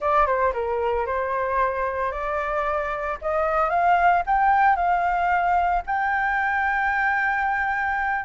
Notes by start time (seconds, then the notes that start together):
0.00 D5
0.26 C5
0.53 A#4
1.06 C5
2.11 D5
3.21 D#5
3.69 F5
4.26 G5
4.76 F5
5.86 G5